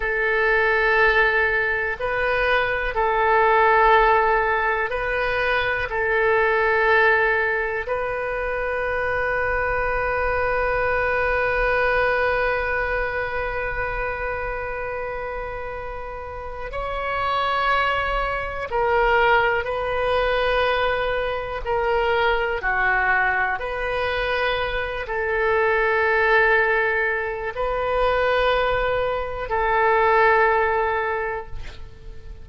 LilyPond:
\new Staff \with { instrumentName = "oboe" } { \time 4/4 \tempo 4 = 61 a'2 b'4 a'4~ | a'4 b'4 a'2 | b'1~ | b'1~ |
b'4 cis''2 ais'4 | b'2 ais'4 fis'4 | b'4. a'2~ a'8 | b'2 a'2 | }